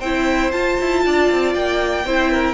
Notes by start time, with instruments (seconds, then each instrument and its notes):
0.00 cello C4, viola E4, violin C5 G5
0.52 cello F4, viola F4, violin A5
0.81 cello E4
1.06 cello D4, violin D5
1.32 cello C4
1.54 cello A#3, violin G5
2.05 cello C4, viola E4, violin C5
2.32 violin A#4